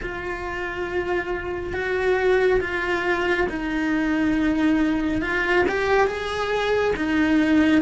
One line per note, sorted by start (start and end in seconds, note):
0.02 1.73 F4
1.73 2.60 F#4
2.60 3.47 F4
3.49 5.21 D#4
5.21 5.65 F4
5.68 6.07 G4
6.07 6.94 G#4
6.96 7.81 D#4